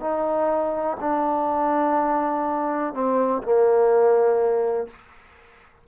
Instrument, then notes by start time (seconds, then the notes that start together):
trombone
0.00 D#4
1.00 D4
2.94 C4
3.42 A#3